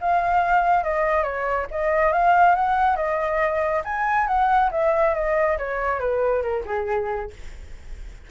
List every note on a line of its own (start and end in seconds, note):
0.00 0.83 F5
0.83 1.23 D#5
1.23 1.66 C#5
1.71 2.12 D#5
2.12 2.55 F5
2.55 2.96 F#5
2.96 3.82 D#5
3.84 4.27 G#5
4.27 4.70 F#5
4.71 5.14 E5
5.14 5.57 D#5
5.58 5.99 C#5
5.99 6.42 B4
6.42 6.64 A#4
6.66 7.30 G#4